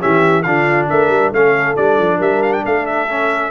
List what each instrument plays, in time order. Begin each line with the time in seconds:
0.00 tuba E3, trombone C#4, horn G4, trumpet E5
0.43 tuba D3, trombone D4, horn F4, trumpet F5
0.90 tuba A3, horn A#4, trumpet E5
1.09 tuba G3
1.32 tuba A3, trombone C#4, horn A4, trumpet F5
1.76 tuba G3, trombone D4, trumpet D5
1.99 tuba F3
2.18 tuba G3, horn A#4, trumpet E5
2.43 trumpet F5
2.53 trumpet G5
2.65 tuba A3, horn A4, trumpet F5
2.86 trumpet E5
3.09 trombone C#4